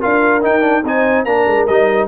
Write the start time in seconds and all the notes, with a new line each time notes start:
0.00 D4 F4 A#4 F5
0.42 D#4 G5
0.62 D4
0.84 C4 D#4 C5 G#5
1.25 A#3 D4 A#4 A#5
1.47 G#3
1.67 G3 D#4 D#5